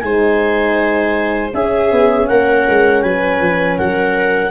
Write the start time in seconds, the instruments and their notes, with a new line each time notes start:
0.00 tuba G#3, horn D#4, viola C5, clarinet G#5
1.52 horn C#4, tuba C#4, viola G#4, clarinet E5
1.91 tuba B3
2.27 tuba A#3, viola A#4, clarinet F#5
2.68 tuba G#3
3.02 tuba F#3, viola B4, clarinet G#5
3.41 tuba F3
3.77 tuba F#3, viola A#4, clarinet F#5